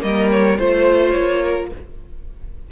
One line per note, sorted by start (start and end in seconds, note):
0.00 0.59 G3
0.00 0.56 A#3
0.00 0.30 D#5
0.07 0.59 A#4
0.31 0.58 C#5
0.58 1.15 A3
0.58 1.72 F4
0.58 1.11 C5
0.58 1.43 C5
1.11 1.72 A#3
1.11 1.67 C#5
1.43 1.71 A#4